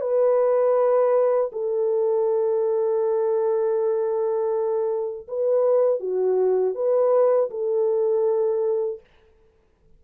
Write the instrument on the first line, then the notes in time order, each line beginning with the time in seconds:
horn
0.00 B4
1.52 A4
5.27 B4
6.00 F#4
6.74 B4
7.50 A4